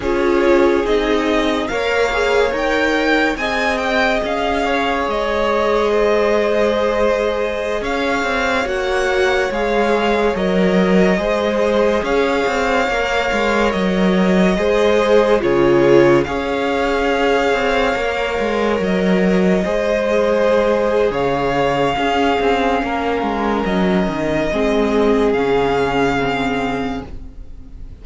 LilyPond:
<<
  \new Staff \with { instrumentName = "violin" } { \time 4/4 \tempo 4 = 71 cis''4 dis''4 f''4 g''4 | gis''8 g''8 f''4 dis''2~ | dis''4~ dis''16 f''4 fis''4 f''8.~ | f''16 dis''2 f''4.~ f''16~ |
f''16 dis''2 cis''4 f''8.~ | f''2~ f''16 dis''4.~ dis''16~ | dis''4 f''2. | dis''2 f''2 | }
  \new Staff \with { instrumentName = "violin" } { \time 4/4 gis'2 cis''2 | dis''4. cis''4. c''4~ | c''4~ c''16 cis''2~ cis''8.~ | cis''4~ cis''16 c''4 cis''4.~ cis''16~ |
cis''4~ cis''16 c''4 gis'4 cis''8.~ | cis''2.~ cis''16 c''8.~ | c''4 cis''4 gis'4 ais'4~ | ais'4 gis'2. | }
  \new Staff \with { instrumentName = "viola" } { \time 4/4 f'4 dis'4 ais'8 gis'8 ais'4 | gis'1~ | gis'2~ gis'16 fis'4 gis'8.~ | gis'16 ais'4 gis'2 ais'8.~ |
ais'4~ ais'16 gis'4 f'4 gis'8.~ | gis'4~ gis'16 ais'2 gis'8.~ | gis'2 cis'2~ | cis'4 c'4 cis'4 c'4 | }
  \new Staff \with { instrumentName = "cello" } { \time 4/4 cis'4 c'4 ais4 dis'4 | c'4 cis'4 gis2~ | gis4~ gis16 cis'8 c'8 ais4 gis8.~ | gis16 fis4 gis4 cis'8 c'8 ais8 gis16~ |
gis16 fis4 gis4 cis4 cis'8.~ | cis'8. c'8 ais8 gis8 fis4 gis8.~ | gis4 cis4 cis'8 c'8 ais8 gis8 | fis8 dis8 gis4 cis2 | }
>>